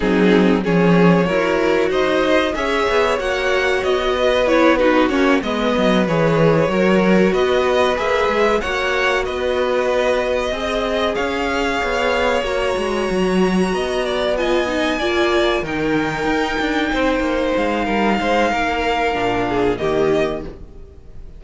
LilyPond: <<
  \new Staff \with { instrumentName = "violin" } { \time 4/4 \tempo 4 = 94 gis'4 cis''2 dis''4 | e''4 fis''4 dis''4 cis''8 b'8 | cis''8 dis''4 cis''2 dis''8~ | dis''8 e''4 fis''4 dis''4.~ |
dis''4. f''2 ais''8~ | ais''2~ ais''8 gis''4.~ | gis''8 g''2. f''8~ | f''2. dis''4 | }
  \new Staff \with { instrumentName = "violin" } { \time 4/4 dis'4 gis'4 ais'4 c''4 | cis''2~ cis''8 b'4 fis'8~ | fis'8 b'2 ais'4 b'8~ | b'4. cis''4 b'4.~ |
b'8 dis''4 cis''2~ cis''8~ | cis''4. dis''8 d''8 dis''4 d''8~ | d''8 ais'2 c''4. | ais'8 c''8 ais'4. gis'8 g'4 | }
  \new Staff \with { instrumentName = "viola" } { \time 4/4 c'4 cis'4 fis'2 | gis'4 fis'2 e'8 dis'8 | cis'8 b4 gis'4 fis'4.~ | fis'8 gis'4 fis'2~ fis'8~ |
fis'8 gis'2. fis'8~ | fis'2~ fis'8 f'8 dis'8 f'8~ | f'8 dis'2.~ dis'8~ | dis'2 d'4 ais4 | }
  \new Staff \with { instrumentName = "cello" } { \time 4/4 fis4 f4 e'4 dis'4 | cis'8 b8 ais4 b2 | ais8 gis8 fis8 e4 fis4 b8~ | b8 ais8 gis8 ais4 b4.~ |
b8 c'4 cis'4 b4 ais8 | gis8 fis4 b2 ais8~ | ais8 dis4 dis'8 d'8 c'8 ais8 gis8 | g8 gis8 ais4 ais,4 dis4 | }
>>